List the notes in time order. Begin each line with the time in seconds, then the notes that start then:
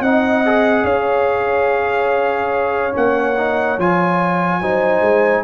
0.00 C4 D#4 D#5 F#5
0.45 G#4
0.84 C#4 C#5 F5
2.91 A#3 C#4 F#5
3.36 D#4
3.78 F3 F4 G#5
4.61 F#3 D#4 C5
5.01 G#3